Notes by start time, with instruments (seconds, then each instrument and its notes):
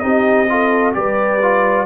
0.00 tuba C4, trombone D#4, horn G4, trumpet D#5
0.49 trombone F4, horn A4
0.93 tuba G3, trombone G4, horn B4, trumpet D5
1.42 trombone F4